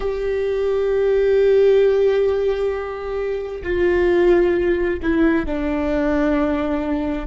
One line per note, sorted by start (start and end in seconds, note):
0.00 3.62 G4
3.63 5.00 F4
5.02 5.45 E4
5.45 7.27 D4